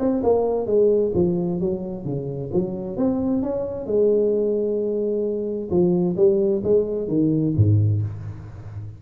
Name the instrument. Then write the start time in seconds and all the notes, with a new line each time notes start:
tuba
0.00 C4
0.24 A#3
0.67 G#3
1.15 F3
1.61 F#3
2.05 C#3
2.53 F#3
2.97 C4
3.43 C#4
3.87 G#3
5.71 F3
6.17 G3
6.64 G#3
7.08 D#3
7.57 G#2